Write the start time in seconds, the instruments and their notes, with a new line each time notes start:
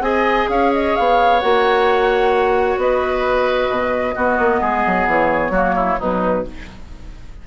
0.00 bassoon C4, clarinet G#4, oboe D#5, flute G#5
0.49 bassoon C#4, oboe C#5, flute F5
0.73 flute D#5
0.96 bassoon B3, flute F5
1.39 bassoon A#3, clarinet F#4, flute F#5
2.77 bassoon B3, oboe B4, flute D#5
3.69 bassoon B2
4.15 clarinet B3, bassoon B3, oboe F#4
4.38 bassoon A#3
4.60 bassoon G#3, oboe G#4
4.86 bassoon F#3
5.06 bassoon E3, flute C#5
5.50 bassoon F#3, clarinet A#3, oboe F#4
5.76 oboe E4
5.98 bassoon B2, clarinet F#3, oboe D#4, flute B4